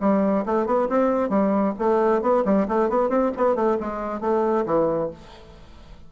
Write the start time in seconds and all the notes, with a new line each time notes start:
0.00 G3
0.46 A3
0.66 B3
0.89 C4
1.29 G3
1.78 A3
2.22 B3
2.45 G3
2.68 A3
2.89 B3
3.09 C4
3.37 B3
3.55 A3
3.80 G#3
4.20 A3
4.66 E3